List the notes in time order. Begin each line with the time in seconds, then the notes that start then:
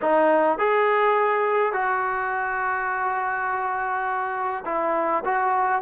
0.01 D#4
0.58 G#4
1.72 F#4
4.65 E4
5.25 F#4